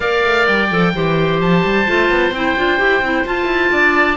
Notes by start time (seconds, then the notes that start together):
0.00 A#3 A#4 D5 F5
0.24 A3
0.47 G3 G5
0.70 F3 A4
0.94 E3 G4 C5
1.40 F3 A5
1.64 G3
1.86 A3 F4
2.09 B3
2.31 C4 E4 G5
2.56 D4 F4
2.78 E4 G4
3.01 C4 E4
3.25 F4 A5
3.45 E4
3.71 D4 D5